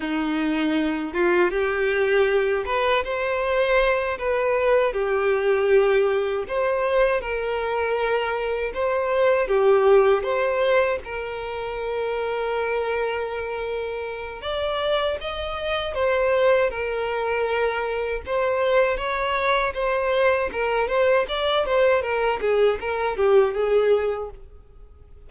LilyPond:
\new Staff \with { instrumentName = "violin" } { \time 4/4 \tempo 4 = 79 dis'4. f'8 g'4. b'8 | c''4. b'4 g'4.~ | g'8 c''4 ais'2 c''8~ | c''8 g'4 c''4 ais'4.~ |
ais'2. d''4 | dis''4 c''4 ais'2 | c''4 cis''4 c''4 ais'8 c''8 | d''8 c''8 ais'8 gis'8 ais'8 g'8 gis'4 | }